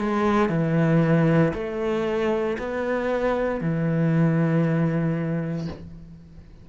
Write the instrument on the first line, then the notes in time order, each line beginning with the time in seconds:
cello
0.00 G#3
0.49 E3
1.54 A3
2.59 B3
3.61 E3